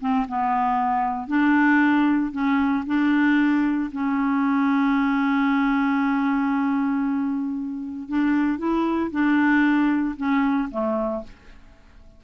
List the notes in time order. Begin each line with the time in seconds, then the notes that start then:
0.00 C4
0.28 B3
1.27 D4
2.32 C#4
2.86 D4
3.92 C#4
8.09 D4
8.58 E4
9.11 D4
10.16 C#4
10.71 A3